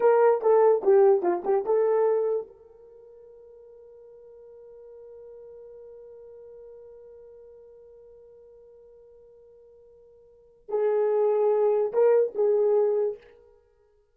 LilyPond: \new Staff \with { instrumentName = "horn" } { \time 4/4 \tempo 4 = 146 ais'4 a'4 g'4 f'8 g'8 | a'2 ais'2~ | ais'1~ | ais'1~ |
ais'1~ | ais'1~ | ais'2 gis'2~ | gis'4 ais'4 gis'2 | }